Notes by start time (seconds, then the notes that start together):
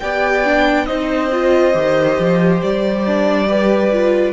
0.00 B3 G4 D5 G5
0.45 D4
0.87 C4 D#4 C5 D#5
1.33 F4
1.74 D#3 G4
2.19 F3
2.62 G3 D5
3.07 D4
3.47 G4 B4
3.93 F4